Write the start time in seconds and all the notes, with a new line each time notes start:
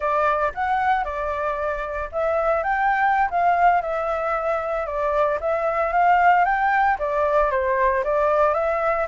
0.00 D5
0.54 F#5
1.04 D5
2.11 E5
2.63 G5
3.30 F5
3.81 E5
4.86 D5
5.40 E5
5.92 F5
6.44 G5
6.99 D5
7.50 C5
8.04 D5
8.54 E5